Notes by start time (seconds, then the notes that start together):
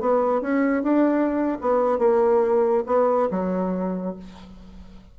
0.00 B3
0.41 C#4
0.83 D4
1.61 B3
1.98 A#3
2.86 B3
3.30 F#3